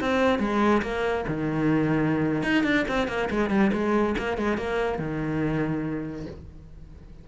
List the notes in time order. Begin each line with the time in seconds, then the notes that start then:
0.00 C4
0.39 G#3
0.82 A#3
1.28 D#3
2.43 D#4
2.63 D4
2.88 C4
3.08 A#3
3.30 G#3
3.50 G3
3.73 G#3
4.18 A#3
4.37 G#3
4.57 A#3
4.98 D#3